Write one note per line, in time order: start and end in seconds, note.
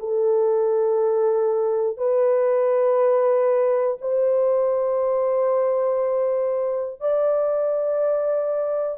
0.00 1.98 A4
1.98 3.98 B4
4.02 7.01 C5
7.01 8.99 D5